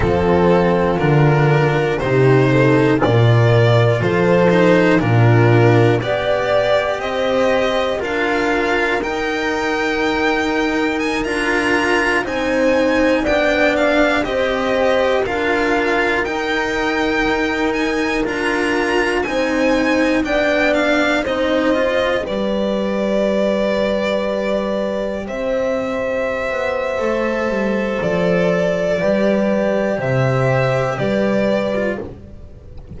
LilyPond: <<
  \new Staff \with { instrumentName = "violin" } { \time 4/4 \tempo 4 = 60 a'4 ais'4 c''4 d''4 | c''4 ais'4 d''4 dis''4 | f''4 g''2 gis''16 ais''8.~ | ais''16 gis''4 g''8 f''8 dis''4 f''8.~ |
f''16 g''4. gis''8 ais''4 gis''8.~ | gis''16 g''8 f''8 dis''4 d''4.~ d''16~ | d''4~ d''16 e''2~ e''8. | d''2 e''4 d''4 | }
  \new Staff \with { instrumentName = "horn" } { \time 4/4 f'2 g'8 a'8 ais'4 | a'4 f'4 d''4 c''4 | ais'1~ | ais'16 c''4 d''4 c''4 ais'8.~ |
ais'2.~ ais'16 c''8.~ | c''16 d''4 c''4 b'4.~ b'16~ | b'4~ b'16 c''2~ c''8.~ | c''4 b'4 c''4 b'4 | }
  \new Staff \with { instrumentName = "cello" } { \time 4/4 c'4 d'4 dis'4 f'4~ | f'8 dis'8 d'4 g'2 | f'4 dis'2~ dis'16 f'8.~ | f'16 dis'4 d'4 g'4 f'8.~ |
f'16 dis'2 f'4 dis'8.~ | dis'16 d'4 dis'8 f'8 g'4.~ g'16~ | g'2. a'4~ | a'4 g'2~ g'8. f'16 | }
  \new Staff \with { instrumentName = "double bass" } { \time 4/4 f4 d4 c4 ais,4 | f4 ais,4 b4 c'4 | d'4 dis'2~ dis'16 d'8.~ | d'16 c'4 b4 c'4 d'8.~ |
d'16 dis'2 d'4 c'8.~ | c'16 b4 c'4 g4.~ g16~ | g4~ g16 c'4~ c'16 b8 a8 g8 | f4 g4 c4 g4 | }
>>